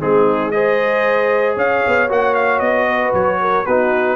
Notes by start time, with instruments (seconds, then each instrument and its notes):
0.00 tuba G#3, trombone C4, horn D#4, trumpet G#4
0.51 trombone G#4, horn C5, trumpet D#5
1.56 tuba C#4, horn C#5, trumpet F5
1.87 tuba B3
2.08 tuba A#3, trombone F#4, trumpet F#5
2.34 trumpet F5
2.59 tuba B3, trumpet D#5
2.87 horn B4
3.13 tuba F#3, trumpet C#5
3.41 horn A#4
3.65 tuba B3, trombone D#4, horn F#4, trumpet B4